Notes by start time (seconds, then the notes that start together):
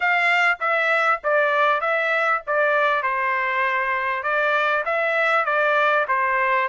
0.00 F5
0.60 E5
1.23 D5
1.80 E5
2.46 D5
3.02 C5
4.23 D5
4.85 E5
5.45 D5
6.08 C5